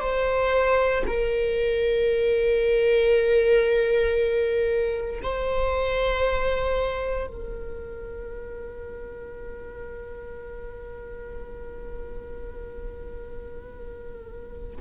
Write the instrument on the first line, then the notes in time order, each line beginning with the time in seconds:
viola
0.00 C5
1.07 A#4
5.22 C5
7.26 A#4